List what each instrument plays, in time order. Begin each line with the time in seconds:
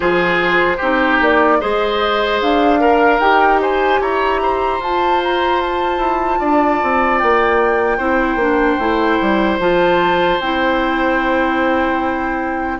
0.00 bassoon F3, clarinet F4, oboe G#4, flute C5
0.77 bassoon C4, clarinet D#4, oboe G4
1.20 bassoon A#3, flute D5
1.60 bassoon G#3, clarinet G#4, oboe C5, flute D#5
2.41 bassoon D4, flute F5
2.79 clarinet A#4, oboe A#4
3.19 bassoon D#4, clarinet G4, flute G5
3.61 oboe C5, flute G#5
4.00 bassoon E4, oboe C#5, flute A#5
4.42 oboe C5
4.79 bassoon F4, clarinet F4, flute A5
5.23 flute A#5
5.61 flute A5
5.97 bassoon E4
6.39 bassoon D4, oboe D5
6.82 bassoon C4
7.19 bassoon A#3, flute G5
7.97 bassoon C4, clarinet E4, oboe C5
8.35 bassoon A#3, clarinet D4
8.79 bassoon A3, clarinet E4
9.21 bassoon G3
9.59 bassoon F3, clarinet F4, flute A5
10.40 bassoon C4, clarinet E4, flute G5